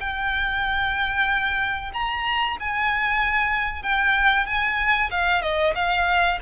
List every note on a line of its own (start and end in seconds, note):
0.00 1.91 G5
1.93 2.57 A#5
2.59 3.82 G#5
3.82 4.46 G5
4.46 5.10 G#5
5.10 5.41 F5
5.41 5.73 D#5
5.75 6.39 F5